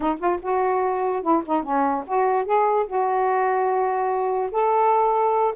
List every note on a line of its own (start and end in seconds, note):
0.00 0.18 D#4
0.19 0.39 F4
0.41 1.22 F#4
1.22 1.43 E4
1.46 1.63 D#4
1.63 2.04 C#4
2.07 2.45 F#4
2.45 2.86 G#4
2.86 4.51 F#4
4.51 5.54 A4